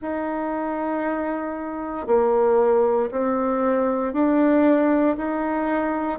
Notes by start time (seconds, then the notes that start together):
0.01 D#4
2.06 A#3
3.11 C4
4.13 D4
5.17 D#4